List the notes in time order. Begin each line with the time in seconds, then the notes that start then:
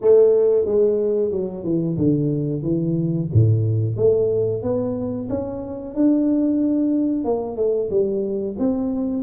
0.01 A3
0.65 G#3
1.31 F#3
1.64 E3
1.97 D3
2.62 E3
3.33 A2
3.96 A3
4.62 B3
5.29 C#4
5.94 D4
7.24 A#3
7.56 A3
7.90 G3
8.58 C4